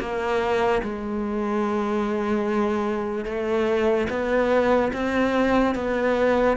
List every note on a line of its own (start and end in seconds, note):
0.00 0.82 A#3
0.83 3.25 G#3
3.25 4.08 A3
4.10 4.92 B3
4.93 5.75 C4
5.75 6.58 B3